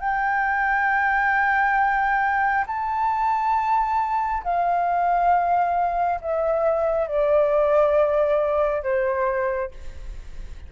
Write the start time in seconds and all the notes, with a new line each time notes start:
0.00 G5
2.67 A5
4.44 F5
6.21 E5
7.07 D5
8.83 C5